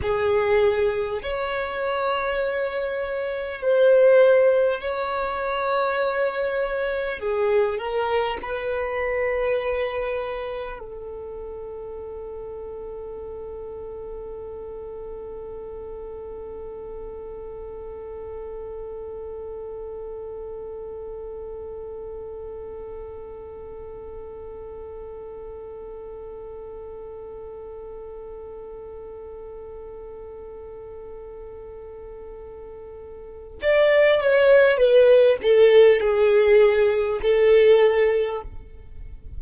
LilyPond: \new Staff \with { instrumentName = "violin" } { \time 4/4 \tempo 4 = 50 gis'4 cis''2 c''4 | cis''2 gis'8 ais'8 b'4~ | b'4 a'2.~ | a'1~ |
a'1~ | a'1~ | a'1 | d''8 cis''8 b'8 a'8 gis'4 a'4 | }